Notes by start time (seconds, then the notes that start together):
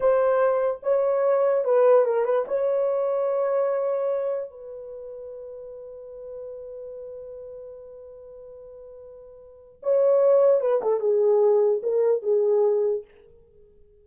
0.00 C5
0.83 C#5
1.64 B4
2.05 A#4
2.24 B4
2.47 C#5
4.50 B4
9.82 C#5
10.60 B4
10.82 A4
11.00 G#4
11.83 A#4
12.22 G#4